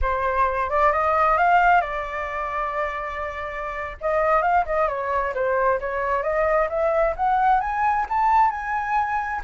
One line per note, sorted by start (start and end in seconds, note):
0.01 0.69 C5
0.69 0.92 D5
0.92 1.37 D#5
1.37 1.81 F5
1.81 3.97 D5
4.00 4.42 D#5
4.42 4.64 F5
4.65 4.88 D#5
4.88 5.33 C#5
5.34 5.79 C5
5.80 6.22 C#5
6.22 6.68 D#5
6.69 7.14 E5
7.16 7.60 F#5
7.60 8.06 G#5
8.09 8.50 A5
8.50 9.41 G#5